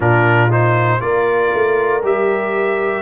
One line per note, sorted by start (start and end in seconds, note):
0.00 1.00 A#2
0.00 0.49 D4
0.00 0.98 F4
0.00 0.51 A#4
0.49 1.00 D#4
0.49 1.00 C5
1.00 1.53 A#3
1.00 2.01 F4
1.00 3.02 A#4
1.00 2.02 D5
1.53 2.02 A3
2.02 3.02 G3
2.02 3.02 G4
2.02 3.02 E5